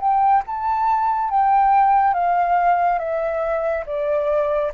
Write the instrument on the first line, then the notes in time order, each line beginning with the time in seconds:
flute
0.00 G5
0.46 A5
1.29 G5
2.14 F5
2.98 E5
3.86 D5